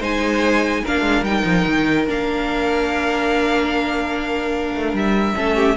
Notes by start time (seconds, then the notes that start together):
0.00 G#3 D#4 C5 G#5
0.83 A#3 D4 A#4 F5
1.01 G#3
1.22 G3 D#4 G5
1.44 F3
1.66 D#3
2.07 A#3 D4 F5
4.75 A3
4.93 G3 E5
5.35 A3 C#4 A4
5.56 G4